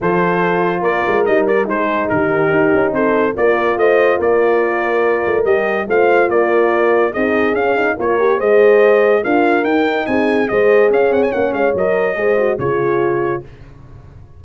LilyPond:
<<
  \new Staff \with { instrumentName = "trumpet" } { \time 4/4 \tempo 4 = 143 c''2 d''4 dis''8 d''8 | c''4 ais'2 c''4 | d''4 dis''4 d''2~ | d''4 dis''4 f''4 d''4~ |
d''4 dis''4 f''4 cis''4 | dis''2 f''4 g''4 | gis''4 dis''4 f''8 fis''16 gis''16 fis''8 f''8 | dis''2 cis''2 | }
  \new Staff \with { instrumentName = "horn" } { \time 4/4 a'2 ais'2 | gis'4 g'2 a'4 | ais'4 c''4 ais'2~ | ais'2 c''4 ais'4~ |
ais'4 gis'2 ais'4 | c''2 ais'2 | gis'4 c''4 cis''2~ | cis''4 c''4 gis'2 | }
  \new Staff \with { instrumentName = "horn" } { \time 4/4 f'2. dis'8 ais'8 | dis'1 | f'1~ | f'4 g'4 f'2~ |
f'4 dis'4 cis'8 dis'8 f'8 g'8 | gis'2 f'4 dis'4~ | dis'4 gis'2 cis'4 | ais'4 gis'8 fis'8 f'2 | }
  \new Staff \with { instrumentName = "tuba" } { \time 4/4 f2 ais8 gis8 g4 | gis4 dis4 dis'8 cis'8 c'4 | ais4 a4 ais2~ | ais8 a8 g4 a4 ais4~ |
ais4 c'4 cis'4 ais4 | gis2 d'4 dis'4 | c'4 gis4 cis'8 c'8 ais8 gis8 | fis4 gis4 cis2 | }
>>